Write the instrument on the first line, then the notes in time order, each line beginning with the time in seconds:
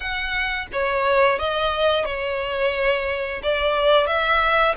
violin
0.00 F#5
0.72 C#5
1.38 D#5
2.05 C#5
3.42 D5
4.06 E5